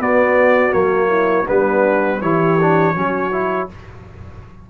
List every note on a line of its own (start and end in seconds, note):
0.00 0.74 B3
0.00 0.72 B3
0.00 1.08 F#4
0.00 0.73 D5
0.72 1.49 F#3
0.72 1.46 A#3
0.72 1.47 C#5
1.08 1.46 E4
1.47 2.22 G3
1.47 2.22 B3
1.47 2.21 D4
1.47 2.22 B4
2.21 2.96 E3
2.21 2.60 E4
2.21 2.95 G4
2.21 3.70 C#5
2.61 2.95 D4
2.95 3.70 F#3
2.95 3.32 C#4
2.95 3.70 F#4
3.32 3.69 E4